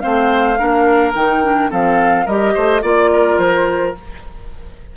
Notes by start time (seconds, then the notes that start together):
0.00 A3 C4 C5 F5
0.57 A#3 D4 A#4
1.15 D#3 D#4 G5
1.43 D4
1.70 F3 C4 A4 F5
2.25 G3 G4 A#4 D#5
2.54 A3 C5
2.82 A#3 F4 D5
3.13 A#4
3.38 F3 C5